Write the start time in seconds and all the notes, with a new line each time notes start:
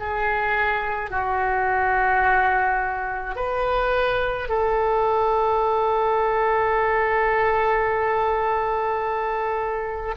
0.00 G#4
1.11 F#4
3.36 B4
4.49 A4